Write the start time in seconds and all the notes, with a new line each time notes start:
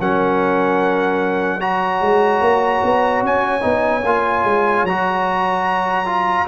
0.00 F#3 C#4 A#4 F#5
1.59 F#4 C#5 A#5
2.02 G#3
2.42 A#3
2.84 B3
3.23 C#4 G#5
3.62 B3 D#4
4.05 A#3 F4
4.45 G#3
4.84 F#3 F#4 A#5
6.06 F4